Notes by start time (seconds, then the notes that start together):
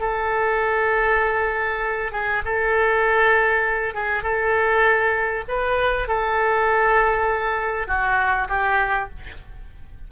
0.00 A4
2.12 G#4
2.45 A4
3.94 G#4
4.23 A4
5.48 B4
6.08 A4
7.87 F#4
8.48 G4